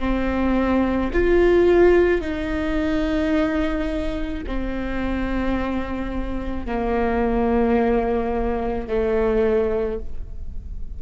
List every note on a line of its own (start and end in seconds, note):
0.00 1.11 C4
1.14 2.21 F4
2.21 4.43 D#4
4.47 6.66 C4
6.66 8.88 A#3
8.88 9.99 A3